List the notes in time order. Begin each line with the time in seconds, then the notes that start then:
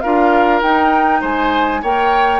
0.00 D4 F4 A#4 F5
0.61 D#4 G5
1.21 G#3 C5 G#5
1.82 A#3 A#4 C#5 G5